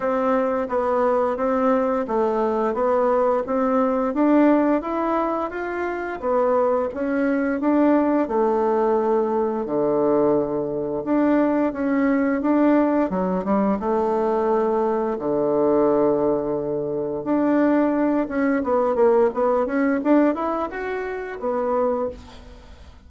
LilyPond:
\new Staff \with { instrumentName = "bassoon" } { \time 4/4 \tempo 4 = 87 c'4 b4 c'4 a4 | b4 c'4 d'4 e'4 | f'4 b4 cis'4 d'4 | a2 d2 |
d'4 cis'4 d'4 fis8 g8 | a2 d2~ | d4 d'4. cis'8 b8 ais8 | b8 cis'8 d'8 e'8 fis'4 b4 | }